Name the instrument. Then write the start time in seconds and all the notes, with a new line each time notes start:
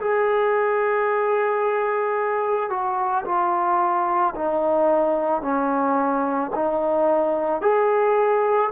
trombone
0.00 G#4
2.70 F#4
3.25 F4
4.35 D#4
5.42 C#4
6.55 D#4
7.61 G#4